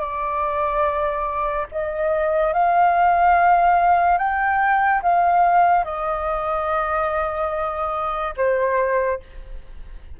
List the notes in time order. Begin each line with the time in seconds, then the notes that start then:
0.00 D5
1.71 D#5
2.53 F5
4.18 G5
5.02 F5
5.84 D#5
8.36 C5